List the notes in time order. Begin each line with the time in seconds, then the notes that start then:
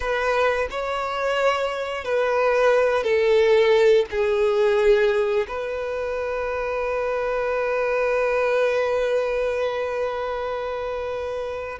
0.00 B4
0.70 C#5
2.04 B4
3.03 A4
4.10 G#4
5.48 B4